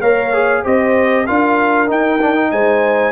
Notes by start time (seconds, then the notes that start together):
0.00 A#3 A#4 C#5 F5
0.34 G#4
0.63 C4 G4 C5 D#5
1.26 D4 F4 A#4 F5
1.87 D#4 G5
2.21 D4
2.35 D#4
2.52 G#3 C5 G#5